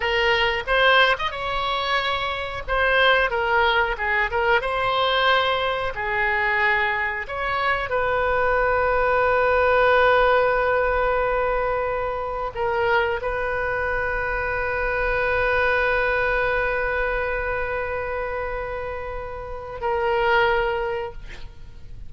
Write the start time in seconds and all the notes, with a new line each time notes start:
0.00 A#4
0.67 C5
1.18 D#5
1.31 C#5
2.67 C5
3.30 A#4
3.97 G#4
4.30 A#4
4.61 C5
5.94 G#4
7.27 C#5
7.89 B4
12.54 A#4
13.21 B4
19.80 A#4